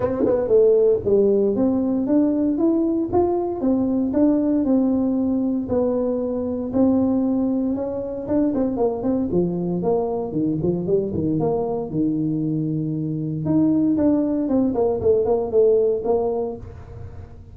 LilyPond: \new Staff \with { instrumentName = "tuba" } { \time 4/4 \tempo 4 = 116 c'8 b8 a4 g4 c'4 | d'4 e'4 f'4 c'4 | d'4 c'2 b4~ | b4 c'2 cis'4 |
d'8 c'8 ais8 c'8 f4 ais4 | dis8 f8 g8 dis8 ais4 dis4~ | dis2 dis'4 d'4 | c'8 ais8 a8 ais8 a4 ais4 | }